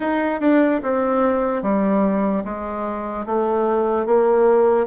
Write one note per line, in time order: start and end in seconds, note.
0.00 0.40 D#4
0.40 0.80 D4
0.82 1.62 C4
1.62 2.43 G3
2.44 3.25 G#3
3.25 4.05 A3
4.05 4.86 A#3